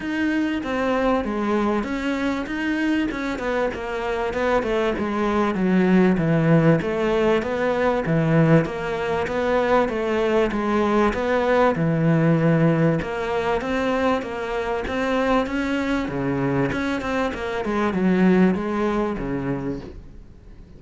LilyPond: \new Staff \with { instrumentName = "cello" } { \time 4/4 \tempo 4 = 97 dis'4 c'4 gis4 cis'4 | dis'4 cis'8 b8 ais4 b8 a8 | gis4 fis4 e4 a4 | b4 e4 ais4 b4 |
a4 gis4 b4 e4~ | e4 ais4 c'4 ais4 | c'4 cis'4 cis4 cis'8 c'8 | ais8 gis8 fis4 gis4 cis4 | }